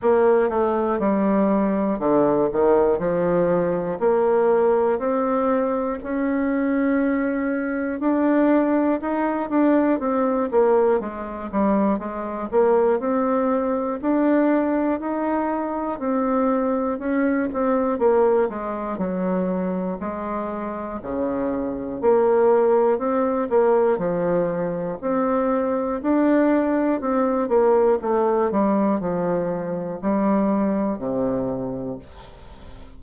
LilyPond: \new Staff \with { instrumentName = "bassoon" } { \time 4/4 \tempo 4 = 60 ais8 a8 g4 d8 dis8 f4 | ais4 c'4 cis'2 | d'4 dis'8 d'8 c'8 ais8 gis8 g8 | gis8 ais8 c'4 d'4 dis'4 |
c'4 cis'8 c'8 ais8 gis8 fis4 | gis4 cis4 ais4 c'8 ais8 | f4 c'4 d'4 c'8 ais8 | a8 g8 f4 g4 c4 | }